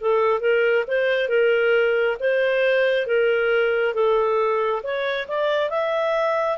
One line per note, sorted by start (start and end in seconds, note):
0.00 0.40 A4
0.40 0.84 A#4
0.87 1.28 C5
1.28 2.17 A#4
2.19 3.06 C5
3.06 3.94 A#4
3.94 4.82 A4
4.82 5.27 C#5
5.27 5.70 D5
5.70 6.57 E5